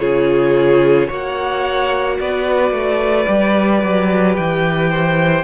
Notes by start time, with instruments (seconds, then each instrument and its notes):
0.00 cello C#3, viola F4, violin G#4 C#5
1.08 cello A#3, viola F#4, violin C#5 F#5
2.20 cello B3, violin B4 D5
2.71 cello A3
3.27 cello G3, viola G4
3.83 cello F#3
4.37 cello E3, violin G5
4.90 violin C5